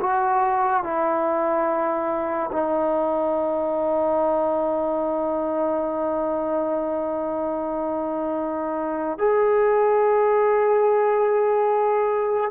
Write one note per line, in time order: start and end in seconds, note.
0.00 0.83 F#4
0.84 2.50 E4
2.52 9.18 D#4
9.18 12.51 G#4